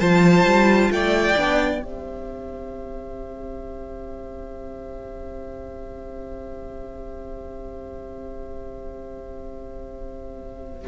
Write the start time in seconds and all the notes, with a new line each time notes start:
0.00 F3 F4 C5 A5
0.45 G3
0.91 A3 D5 G5
1.37 B3 D4
1.80 C4 G4 C5 E5